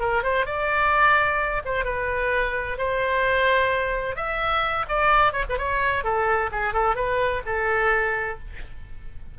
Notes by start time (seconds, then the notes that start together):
0.00 A#4
0.23 C5
0.46 D5
1.65 C5
1.85 B4
2.78 C5
4.16 E5
4.89 D5
5.33 C#5
5.49 B4
5.58 C#5
6.04 A4
6.52 G#4
6.74 A4
6.96 B4
7.46 A4